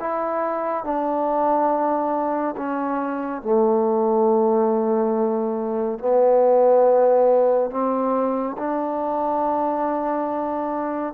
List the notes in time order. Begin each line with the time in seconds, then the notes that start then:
0.00 E4
0.84 D4
2.57 C#4
3.42 A3
5.99 B3
7.71 C4
8.58 D4